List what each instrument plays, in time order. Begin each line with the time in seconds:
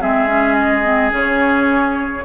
0.00 bassoon G#3, clarinet C4, oboe G#4, flute E5
0.28 clarinet C#4
0.55 flute D#5
0.84 clarinet C4
1.11 bassoon C#3, clarinet C#4, flute C#5